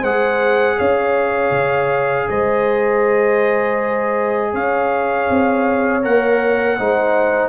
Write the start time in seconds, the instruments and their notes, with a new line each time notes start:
0.00 tuba G#3, trombone G#4, horn C5, trumpet F#5
0.78 tuba C#4, horn C#5, trumpet F5
1.51 tuba C#3
2.28 tuba G#3, horn C5, trumpet D#5
4.53 tuba C#4, horn C#5, trumpet F5
5.30 tuba C4
6.02 tuba A#3, trombone A#4, trumpet F#5
6.78 tuba G#3, trombone D#4, horn C5